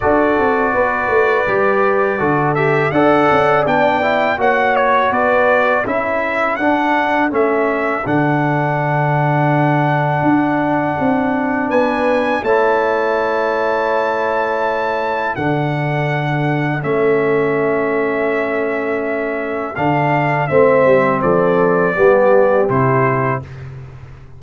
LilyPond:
<<
  \new Staff \with { instrumentName = "trumpet" } { \time 4/4 \tempo 4 = 82 d''2.~ d''8 e''8 | fis''4 g''4 fis''8 cis''8 d''4 | e''4 fis''4 e''4 fis''4~ | fis''1 |
gis''4 a''2.~ | a''4 fis''2 e''4~ | e''2. f''4 | e''4 d''2 c''4 | }
  \new Staff \with { instrumentName = "horn" } { \time 4/4 a'4 b'2 a'4 | d''2 cis''4 b'4 | a'1~ | a'1 |
b'4 cis''2.~ | cis''4 a'2.~ | a'1 | c''4 a'4 g'2 | }
  \new Staff \with { instrumentName = "trombone" } { \time 4/4 fis'2 g'4 fis'8 g'8 | a'4 d'8 e'8 fis'2 | e'4 d'4 cis'4 d'4~ | d'1~ |
d'4 e'2.~ | e'4 d'2 cis'4~ | cis'2. d'4 | c'2 b4 e'4 | }
  \new Staff \with { instrumentName = "tuba" } { \time 4/4 d'8 c'8 b8 a8 g4 d4 | d'8 cis'8 b4 ais4 b4 | cis'4 d'4 a4 d4~ | d2 d'4 c'4 |
b4 a2.~ | a4 d2 a4~ | a2. d4 | a8 g8 f4 g4 c4 | }
>>